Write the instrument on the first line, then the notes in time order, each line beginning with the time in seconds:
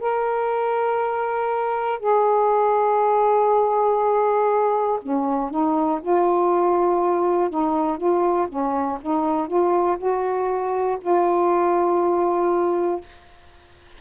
saxophone
0.00 A#4
1.99 G#4
5.02 C#4
5.50 D#4
6.01 F4
7.50 D#4
7.97 F4
8.48 C#4
9.01 D#4
9.47 F4
9.98 F#4
11.01 F4